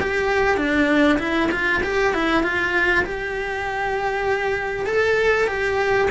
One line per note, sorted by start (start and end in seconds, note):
0.00 0.57 G4
0.57 1.18 D4
1.19 1.49 E4
1.51 1.82 F4
1.83 2.13 G4
2.14 2.43 E4
2.43 3.04 F4
3.05 4.86 G4
4.86 5.47 A4
5.47 6.08 G4